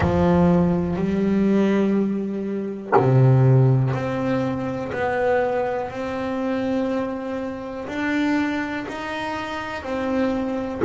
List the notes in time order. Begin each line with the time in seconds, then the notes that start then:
0.00 F3
0.96 G3
2.96 C3
3.93 C4
4.92 B3
5.90 C4
7.87 D4
8.88 D#4
9.83 C4